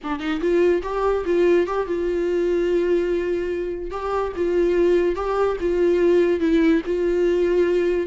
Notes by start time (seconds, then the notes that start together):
0.03 D4
0.19 D#4
0.40 F4
0.83 G4
1.25 F4
1.66 G4
1.87 F4
3.90 G4
4.36 F4
5.15 G4
5.60 F4
6.40 E4
6.85 F4